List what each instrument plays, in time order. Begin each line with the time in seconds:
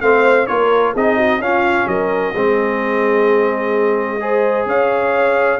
0.00 tuba A3, trombone C4, horn C5, trumpet F5
0.46 tuba A#3, trombone F4, horn A#4, trumpet C#5
0.93 tuba C4, trombone D#4, horn G#4, trumpet D#5
1.17 horn F#4
1.38 tuba C#4, trombone C#4, horn F4, trumpet F5
1.87 tuba F#3, horn A#4, trumpet D#5
2.33 tuba G#3, trombone C4, horn G#4
4.20 trombone G#4, horn C5
4.65 tuba C#4, horn C#5, trumpet F5